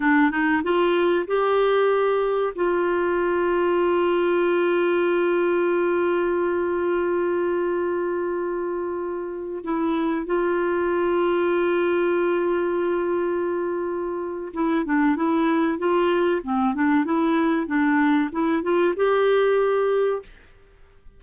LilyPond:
\new Staff \with { instrumentName = "clarinet" } { \time 4/4 \tempo 4 = 95 d'8 dis'8 f'4 g'2 | f'1~ | f'1~ | f'2.~ f'16 e'8.~ |
e'16 f'2.~ f'8.~ | f'2. e'8 d'8 | e'4 f'4 c'8 d'8 e'4 | d'4 e'8 f'8 g'2 | }